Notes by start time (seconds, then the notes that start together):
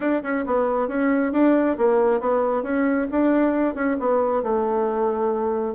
0.00 D4
0.22 C#4
0.46 B3
0.88 C#4
1.32 D4
1.77 A#3
2.20 B3
2.62 C#4
3.11 D4
3.74 C#4
3.99 B3
4.43 A3